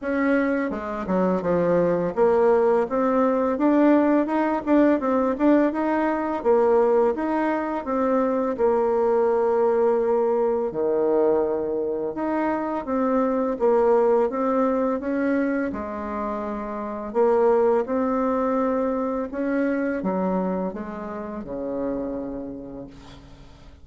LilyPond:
\new Staff \with { instrumentName = "bassoon" } { \time 4/4 \tempo 4 = 84 cis'4 gis8 fis8 f4 ais4 | c'4 d'4 dis'8 d'8 c'8 d'8 | dis'4 ais4 dis'4 c'4 | ais2. dis4~ |
dis4 dis'4 c'4 ais4 | c'4 cis'4 gis2 | ais4 c'2 cis'4 | fis4 gis4 cis2 | }